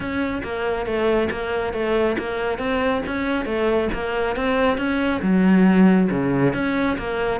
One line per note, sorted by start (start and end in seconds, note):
0.00 0.42 C#4
0.43 0.85 A#3
0.85 1.29 A3
1.30 1.73 A#3
1.73 2.16 A3
2.18 2.58 A#3
2.58 3.02 C4
3.06 3.45 C#4
3.45 3.88 A3
3.93 4.35 A#3
4.35 4.77 C4
4.77 5.21 C#4
5.22 6.08 F#3
6.10 6.53 C#3
6.53 6.97 C#4
6.98 7.40 A#3